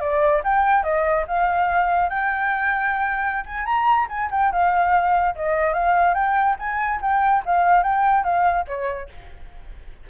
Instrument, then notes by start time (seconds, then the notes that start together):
flute
0.00 D5
0.44 G5
0.83 D#5
1.27 F5
2.09 G5
3.45 G#5
3.65 A#5
4.09 G#5
4.30 G5
4.51 F5
5.35 D#5
5.73 F5
6.14 G5
6.59 G#5
7.01 G5
7.45 F5
7.83 G5
8.23 F5
8.67 C#5